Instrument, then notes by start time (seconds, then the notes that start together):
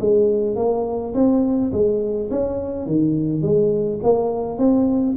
tuba
0.00 G#3
0.56 A#3
1.14 C4
1.73 G#3
2.31 C#4
2.86 D#3
3.42 G#3
4.03 A#3
4.58 C4